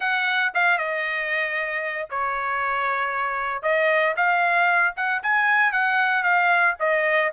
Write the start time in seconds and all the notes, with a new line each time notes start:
0.00 F#5
0.54 F5
0.78 D#5
2.09 C#5
3.62 D#5
4.16 F5
4.96 F#5
5.22 G#5
5.71 F#5
6.23 F5
6.79 D#5